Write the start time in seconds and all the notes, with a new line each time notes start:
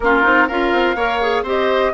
0.00 A#3 C#4 F4 A#4
0.23 C4 D#4
0.47 C#4 F4 A#4 F5
0.72 C4
0.95 A#3 A#4 C#5
1.21 G#4
1.42 C4 G4 C5 D#5